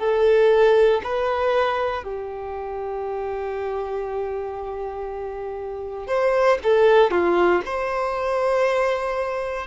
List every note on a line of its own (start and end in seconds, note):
0.00 1.02 A4
1.04 2.04 B4
2.04 6.08 G4
6.08 6.59 C5
6.64 7.11 A4
7.11 7.62 F4
7.65 9.67 C5